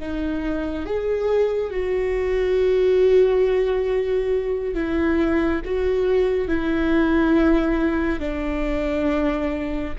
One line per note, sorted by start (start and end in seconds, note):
0.00 0.86 D#4
0.86 1.70 G#4
1.70 4.74 F#4
4.74 5.61 E4
5.65 6.48 F#4
6.48 8.20 E4
8.20 9.94 D4